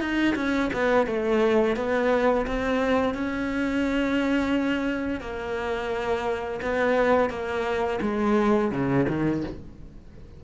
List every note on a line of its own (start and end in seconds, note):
0.00 0.35 D#4
0.35 0.70 C#4
0.73 1.07 B3
1.07 1.76 A3
1.76 2.46 B3
2.46 3.14 C4
3.14 5.21 C#4
5.21 6.60 A#3
6.62 7.30 B3
7.30 7.99 A#3
8.01 8.71 G#3
8.71 9.06 C#3
9.09 9.43 D#3